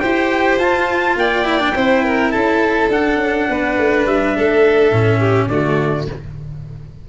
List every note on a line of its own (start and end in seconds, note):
0.00 0.58 E4
0.00 0.60 G4
0.00 1.17 C5
0.00 0.58 G5
0.58 1.16 F4
0.58 1.45 F4
0.58 1.17 A5
1.16 1.74 A#3
1.16 1.76 D5
1.16 2.31 G5
1.45 1.60 E4
1.60 1.74 D4
1.75 2.34 C4
1.75 2.91 E4
1.75 2.04 C5
2.04 2.33 A#4
2.31 2.89 C#4
2.31 3.48 A4
2.31 2.89 A5
2.89 3.16 D4
2.89 4.92 D4
2.89 4.07 F#5
3.16 3.45 C#4
3.49 3.78 B3
3.49 4.36 B4
3.78 4.06 A3
4.06 4.35 G3
4.06 5.49 E5
4.36 4.92 A3
4.36 5.20 A4
4.92 5.47 A2
4.92 5.50 C#4
5.20 5.49 G4
5.47 6.05 D3
5.47 6.08 A3
5.47 6.09 F#4
5.47 6.06 D5